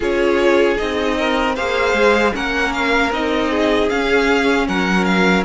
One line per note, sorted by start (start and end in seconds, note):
0.00 0.78 C#4
0.00 0.77 F4
0.00 1.15 G#4
0.00 0.77 C#5
0.77 1.58 C4
0.77 1.55 D#4
0.77 1.55 D#5
1.18 1.55 A#4
1.55 1.93 A#3
1.55 2.32 G#4
1.55 2.33 C5
1.55 2.33 F5
1.93 2.32 G#3
2.32 3.11 A#3
2.32 3.10 C#4
2.32 3.50 A#4
2.32 2.72 F#5
2.72 3.11 F5
3.11 3.89 C4
3.11 3.89 D#4
3.11 3.89 D#5
3.50 4.67 G#4
3.89 5.44 C#4
3.89 4.68 C#4
3.89 4.67 F5
4.68 5.44 F#3
4.68 5.44 A#4
4.68 5.04 F#5
5.04 5.43 F5